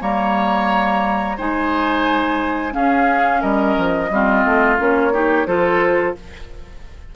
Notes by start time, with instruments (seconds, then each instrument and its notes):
0.00 bassoon G3, clarinet A#3, oboe C#5, flute A#5
1.37 bassoon G#3, clarinet D#4, oboe C5, flute G#5
2.72 clarinet C#4, bassoon C#4, oboe G#4, flute F5
3.41 bassoon G3, oboe A#4, flute D#5
3.78 bassoon F3
4.10 bassoon G3, clarinet C4, oboe F4
4.45 bassoon A3
4.77 bassoon A#3, clarinet C#4, flute C#5
5.12 clarinet D#4, oboe G4
5.46 bassoon F3, clarinet F4, oboe A4, flute C5